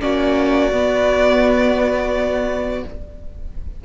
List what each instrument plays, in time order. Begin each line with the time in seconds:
0.00 cello A#3, viola C#4, violin F#4 D5
0.72 cello B3, viola B3